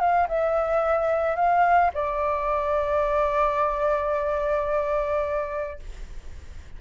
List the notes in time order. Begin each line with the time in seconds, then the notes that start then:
0.00 F5
0.29 E5
1.36 F5
1.94 D5